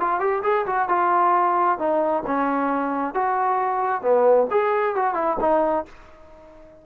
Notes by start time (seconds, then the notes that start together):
0.00 F4
0.20 G4
0.43 G#4
0.66 F#4
0.89 F4
1.78 D#4
2.26 C#4
3.14 F#4
4.02 B3
4.51 G#4
4.95 F#4
5.14 E4
5.40 D#4